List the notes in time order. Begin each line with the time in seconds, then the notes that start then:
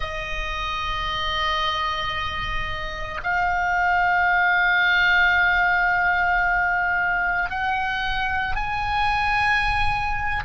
0.00 D#5
3.23 F5
7.50 F#5
8.55 G#5